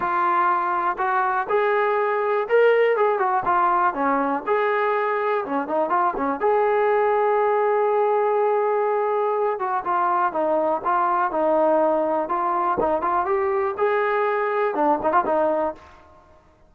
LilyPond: \new Staff \with { instrumentName = "trombone" } { \time 4/4 \tempo 4 = 122 f'2 fis'4 gis'4~ | gis'4 ais'4 gis'8 fis'8 f'4 | cis'4 gis'2 cis'8 dis'8 | f'8 cis'8 gis'2.~ |
gis'2.~ gis'8 fis'8 | f'4 dis'4 f'4 dis'4~ | dis'4 f'4 dis'8 f'8 g'4 | gis'2 d'8 dis'16 f'16 dis'4 | }